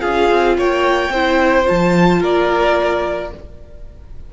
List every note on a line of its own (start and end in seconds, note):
0.00 0.31 C#4
0.00 1.10 F4
0.00 0.56 G#4
0.00 0.56 F5
0.31 0.57 C4
0.57 1.09 A#3
0.57 1.12 C#5
0.57 1.68 G5
1.09 1.64 C4
1.09 1.64 E4
1.09 2.20 C5
1.64 2.23 F3
1.64 3.30 F4
1.64 2.23 A5
2.20 3.33 A#3
2.20 3.30 A#4
2.20 3.33 D5